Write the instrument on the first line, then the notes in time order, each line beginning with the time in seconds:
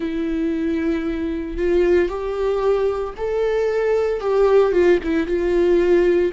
viola
0.00 E4
1.57 F4
2.09 G4
3.17 A4
4.20 G4
4.71 F4
5.03 E4
5.26 F4